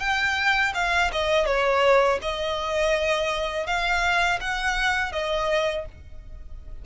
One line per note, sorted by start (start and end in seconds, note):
0.00 0.73 G5
0.75 1.11 F5
1.12 1.46 D#5
1.46 2.19 C#5
2.22 3.67 D#5
3.67 4.40 F5
4.41 5.13 F#5
5.13 5.86 D#5